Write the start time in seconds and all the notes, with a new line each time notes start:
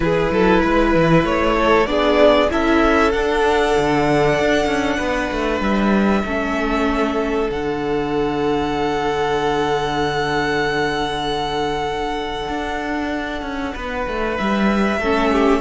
0.00 E3 E4 G#4 B4
0.31 F#3 A4
0.61 G#3 B4
0.94 E3
1.24 A3 C#5
1.57 A4
1.86 B3 D4 G#4 D5
2.49 C#4 E4 A4 E5
3.11 D4 F#5
3.77 D3
4.39 D4
4.65 C#4
4.97 B3 B4
5.31 A3
5.60 G3 E5
6.24 A3 C#4 A4
7.50 D3 D4 F#5
12.48 D4
13.42 C#4
13.74 B3 B4
14.07 A3
14.37 G3 E5
14.98 A3 C#4 A4
15.31 G4